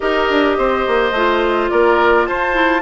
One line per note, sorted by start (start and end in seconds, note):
0.00 0.29 D#4
0.00 1.13 G4
0.00 0.57 A#4
0.00 1.69 D#5
0.29 0.58 D4
0.58 0.86 C4
0.58 1.71 C5
0.87 1.11 A#3
1.11 1.68 A3
1.11 2.52 F4
1.69 2.27 A#3
1.69 2.27 A#4
1.69 2.26 D5
2.26 2.81 F4
2.26 2.81 C5
2.26 2.81 A5
2.52 2.81 E4